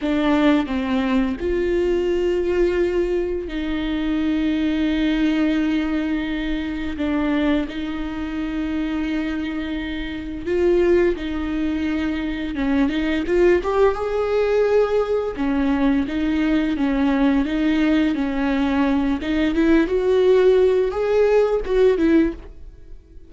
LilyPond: \new Staff \with { instrumentName = "viola" } { \time 4/4 \tempo 4 = 86 d'4 c'4 f'2~ | f'4 dis'2.~ | dis'2 d'4 dis'4~ | dis'2. f'4 |
dis'2 cis'8 dis'8 f'8 g'8 | gis'2 cis'4 dis'4 | cis'4 dis'4 cis'4. dis'8 | e'8 fis'4. gis'4 fis'8 e'8 | }